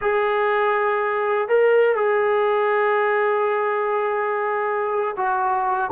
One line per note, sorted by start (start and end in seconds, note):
0.01 1.48 G#4
1.48 1.95 A#4
1.95 5.15 G#4
5.16 5.90 F#4